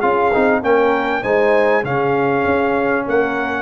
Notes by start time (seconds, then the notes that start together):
0.00 C#4 F4 G#4 F5
0.33 C4 D#4
0.62 A#3 C#4 A#4 G5
1.22 G#3 D#4 C5 G#5
1.84 C#3 C#4 G#4 F5
2.46 C#4
3.07 A#3 A#4 F#5